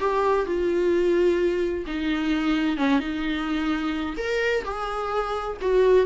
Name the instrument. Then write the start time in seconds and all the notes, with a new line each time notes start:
viola
0.00 G4
0.46 F4
1.87 D#4
2.77 C#4
3.00 D#4
4.18 A#4
4.64 G#4
5.61 F#4